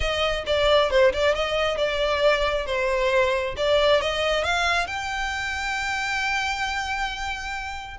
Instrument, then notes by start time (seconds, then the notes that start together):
violin
0.00 D#5
0.46 D5
0.90 C5
1.13 D5
1.34 D#5
1.77 D5
2.66 C5
3.56 D5
4.01 D#5
4.44 F5
4.86 G5